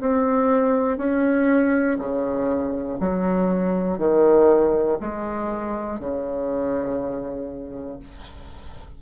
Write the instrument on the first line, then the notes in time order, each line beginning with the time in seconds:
bassoon
0.00 C4
0.97 C#4
1.99 C#3
3.00 F#3
3.99 D#3
5.00 G#3
6.00 C#3